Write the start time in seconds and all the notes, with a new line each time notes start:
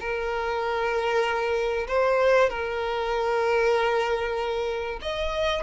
0.00 A#4
1.88 C5
2.50 A#4
5.02 D#5